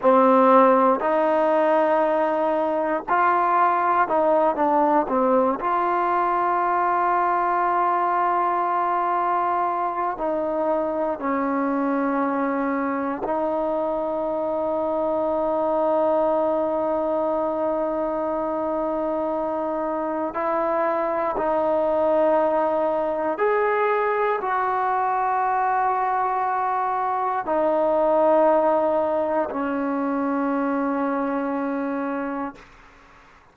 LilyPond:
\new Staff \with { instrumentName = "trombone" } { \time 4/4 \tempo 4 = 59 c'4 dis'2 f'4 | dis'8 d'8 c'8 f'2~ f'8~ | f'2 dis'4 cis'4~ | cis'4 dis'2.~ |
dis'1 | e'4 dis'2 gis'4 | fis'2. dis'4~ | dis'4 cis'2. | }